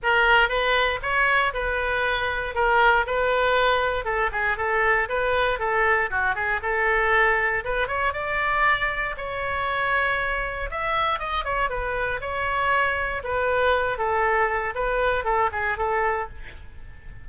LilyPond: \new Staff \with { instrumentName = "oboe" } { \time 4/4 \tempo 4 = 118 ais'4 b'4 cis''4 b'4~ | b'4 ais'4 b'2 | a'8 gis'8 a'4 b'4 a'4 | fis'8 gis'8 a'2 b'8 cis''8 |
d''2 cis''2~ | cis''4 e''4 dis''8 cis''8 b'4 | cis''2 b'4. a'8~ | a'4 b'4 a'8 gis'8 a'4 | }